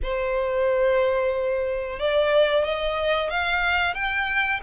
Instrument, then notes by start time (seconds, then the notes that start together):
violin
0.02 C5
1.99 D5
2.64 D#5
3.30 F5
3.94 G5